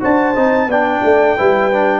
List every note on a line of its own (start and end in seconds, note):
0.00 0.36 D4
0.00 0.34 F#4
0.00 0.68 C5
0.00 0.71 A5
0.36 0.66 C4
0.36 0.69 D#4
0.66 1.00 B3
0.66 1.38 D4
0.66 1.37 D5
0.66 2.00 G5
1.04 1.37 A3
1.37 2.00 G3
1.37 1.71 E4
1.37 2.00 B4
1.72 2.00 D4